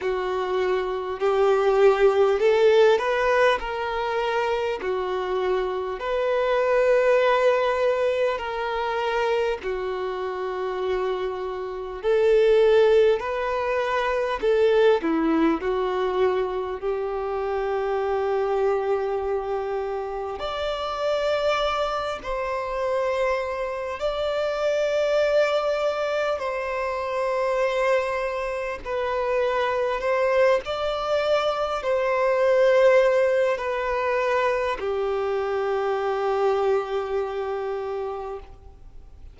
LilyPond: \new Staff \with { instrumentName = "violin" } { \time 4/4 \tempo 4 = 50 fis'4 g'4 a'8 b'8 ais'4 | fis'4 b'2 ais'4 | fis'2 a'4 b'4 | a'8 e'8 fis'4 g'2~ |
g'4 d''4. c''4. | d''2 c''2 | b'4 c''8 d''4 c''4. | b'4 g'2. | }